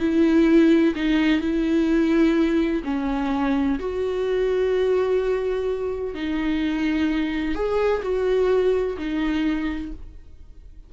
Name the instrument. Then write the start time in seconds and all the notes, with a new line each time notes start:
viola
0.00 E4
0.96 D#4
1.41 E4
2.85 C#4
3.79 F#4
6.15 D#4
7.55 G#4
8.03 F#4
8.98 D#4